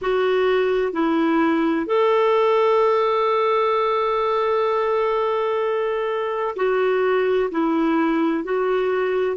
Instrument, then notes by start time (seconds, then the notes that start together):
clarinet
0.01 F#4
0.92 E4
1.86 A4
6.56 F#4
7.51 E4
8.44 F#4